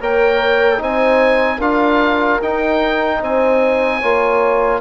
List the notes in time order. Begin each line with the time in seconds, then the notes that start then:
0.00 A#3 A#4 C#5 G5
0.78 C4 D#4 C5 G#5
1.57 D4 F4 A#4 F5
2.41 D#4 G5
3.21 C4 C5 G#5
3.99 A#3 F4 C#5